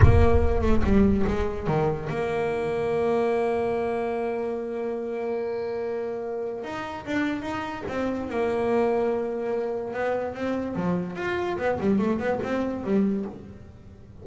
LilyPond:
\new Staff \with { instrumentName = "double bass" } { \time 4/4 \tempo 4 = 145 ais4. a8 g4 gis4 | dis4 ais2.~ | ais1~ | ais1 |
dis'4 d'4 dis'4 c'4 | ais1 | b4 c'4 f4 f'4 | b8 g8 a8 b8 c'4 g4 | }